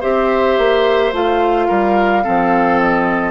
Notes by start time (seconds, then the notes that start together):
0.00 C4 G4 C5 E5
0.58 A#3
1.12 A3 F4 F5
1.67 G3 A#4
2.23 F3 C4 A4
2.80 D#5